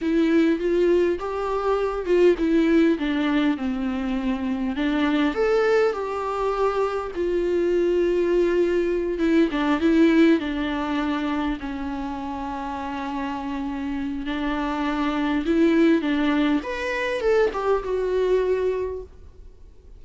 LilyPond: \new Staff \with { instrumentName = "viola" } { \time 4/4 \tempo 4 = 101 e'4 f'4 g'4. f'8 | e'4 d'4 c'2 | d'4 a'4 g'2 | f'2.~ f'8 e'8 |
d'8 e'4 d'2 cis'8~ | cis'1 | d'2 e'4 d'4 | b'4 a'8 g'8 fis'2 | }